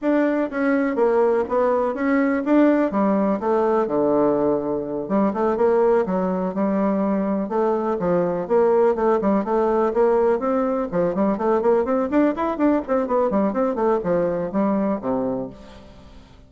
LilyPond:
\new Staff \with { instrumentName = "bassoon" } { \time 4/4 \tempo 4 = 124 d'4 cis'4 ais4 b4 | cis'4 d'4 g4 a4 | d2~ d8 g8 a8 ais8~ | ais8 fis4 g2 a8~ |
a8 f4 ais4 a8 g8 a8~ | a8 ais4 c'4 f8 g8 a8 | ais8 c'8 d'8 e'8 d'8 c'8 b8 g8 | c'8 a8 f4 g4 c4 | }